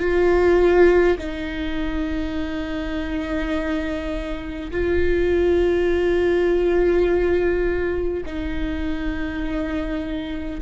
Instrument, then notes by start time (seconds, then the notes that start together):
viola
0.00 F4
1.18 D#4
4.71 F4
8.26 D#4